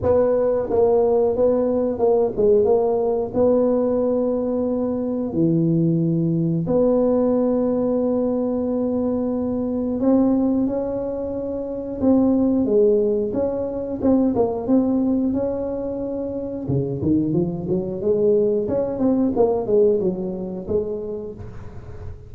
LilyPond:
\new Staff \with { instrumentName = "tuba" } { \time 4/4 \tempo 4 = 90 b4 ais4 b4 ais8 gis8 | ais4 b2. | e2 b2~ | b2. c'4 |
cis'2 c'4 gis4 | cis'4 c'8 ais8 c'4 cis'4~ | cis'4 cis8 dis8 f8 fis8 gis4 | cis'8 c'8 ais8 gis8 fis4 gis4 | }